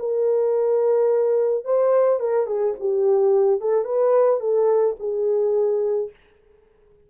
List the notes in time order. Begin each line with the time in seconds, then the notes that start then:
0.00 A#4
1.65 C5
2.20 A#4
2.47 G#4
2.80 G4
3.61 A4
3.85 B4
4.41 A4
5.00 G#4